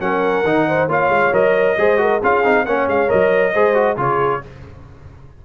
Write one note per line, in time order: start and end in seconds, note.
0.00 0.44 F#3
0.00 0.44 C#4
0.00 0.68 A#4
0.00 0.89 F#5
0.44 0.88 D#3
0.44 0.89 D#4
0.68 0.89 C5
0.88 1.09 A#3
0.88 1.33 F4
0.88 1.77 C#5
0.88 1.34 F5
1.09 1.31 G#3
1.32 1.77 F#3
1.32 1.77 A#4
1.32 2.22 D#5
1.77 2.21 G#3
1.77 1.97 G#4
1.77 2.01 C5
1.97 2.19 F#4
1.97 2.21 A#4
2.21 2.45 C#4
2.21 2.44 F4
2.21 2.65 G#4
2.21 2.66 F5
2.44 2.66 C4
2.44 2.66 D#4
2.66 2.87 A#3
2.66 3.08 C#4
2.66 3.53 C#5
2.66 2.88 F#5
2.87 3.10 G#3
2.87 3.10 F5
3.08 3.55 F#3
3.08 3.52 A#4
3.08 3.98 D#5
3.53 3.97 G#3
3.53 3.74 G#4
3.53 3.98 C5
3.74 3.96 F#4
3.97 4.41 C#3
3.97 4.41 F4
3.97 4.42 G#4
3.97 4.45 C#5